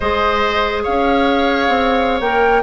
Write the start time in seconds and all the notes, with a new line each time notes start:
0.00 G#3 G#4 C5 D#5
0.83 C#4 C#5 F5
1.68 C4
2.20 A#3 A#4 G5